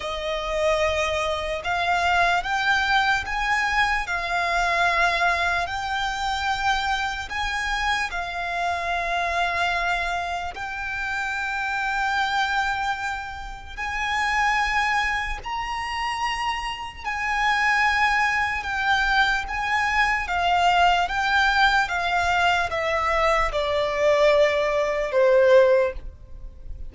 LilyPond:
\new Staff \with { instrumentName = "violin" } { \time 4/4 \tempo 4 = 74 dis''2 f''4 g''4 | gis''4 f''2 g''4~ | g''4 gis''4 f''2~ | f''4 g''2.~ |
g''4 gis''2 ais''4~ | ais''4 gis''2 g''4 | gis''4 f''4 g''4 f''4 | e''4 d''2 c''4 | }